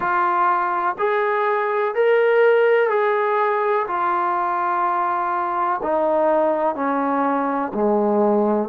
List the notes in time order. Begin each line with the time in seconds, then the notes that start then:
0.00 F4
0.98 G#4
1.94 A#4
2.89 G#4
3.87 F4
5.82 D#4
6.75 C#4
7.74 G#3